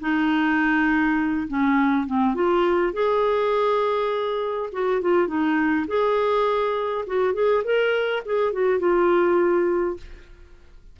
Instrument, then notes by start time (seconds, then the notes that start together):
clarinet
0.00 D#4
1.48 C#4
2.06 C4
2.34 F4
2.93 G#4
4.72 F#4
5.01 F4
5.27 D#4
5.87 G#4
7.06 F#4
7.34 G#4
7.64 A#4
8.25 G#4
8.52 F#4
8.79 F4